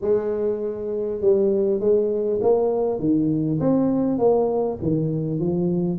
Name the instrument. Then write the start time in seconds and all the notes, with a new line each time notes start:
tuba
0.01 G#3
1.20 G3
1.80 G#3
2.41 A#3
2.99 D#3
3.60 C4
4.18 A#3
4.82 D#3
5.39 F3